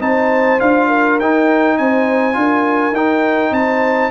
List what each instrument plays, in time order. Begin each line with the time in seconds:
0.00 tuba C4, trombone D#4, horn C5, trumpet A5
0.60 tuba D4, trombone F4, trumpet F5
0.88 horn A#4
1.20 tuba D#4, trombone D#4, trumpet G5
1.78 tuba C4, horn C5, trumpet G#5
2.34 tuba D4, trombone F4, horn A#4
2.92 tuba D#4, trombone D#4, trumpet G5
3.52 tuba C4, horn C5, trumpet A5